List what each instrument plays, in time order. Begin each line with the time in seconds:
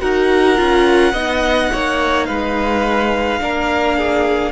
0.00 cello D#4, viola F#4, violin A#4 F#5
0.56 cello C#4, viola F4
1.13 cello B3, viola D#4, violin D#5
1.72 cello A#3, violin C#5
2.26 cello G#3, violin B4 F5
3.40 cello A#3, viola D4, violin A#4
3.97 violin G#4